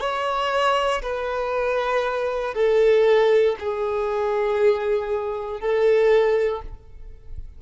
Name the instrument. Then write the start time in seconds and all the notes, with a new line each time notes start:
violin
0.00 C#5
1.02 B4
2.54 A4
3.59 G#4
5.60 A4